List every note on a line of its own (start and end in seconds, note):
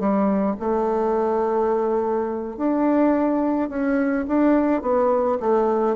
0.00 0.57 G3
0.60 2.57 A3
2.57 3.69 D4
3.69 4.26 C#4
4.28 4.82 D4
4.82 5.39 B3
5.40 5.96 A3